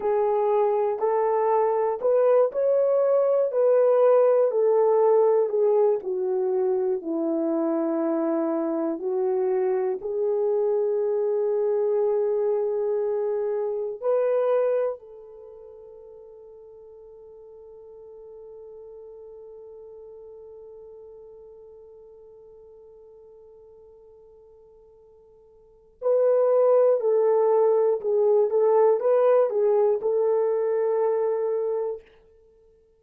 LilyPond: \new Staff \with { instrumentName = "horn" } { \time 4/4 \tempo 4 = 60 gis'4 a'4 b'8 cis''4 b'8~ | b'8 a'4 gis'8 fis'4 e'4~ | e'4 fis'4 gis'2~ | gis'2 b'4 a'4~ |
a'1~ | a'1~ | a'2 b'4 a'4 | gis'8 a'8 b'8 gis'8 a'2 | }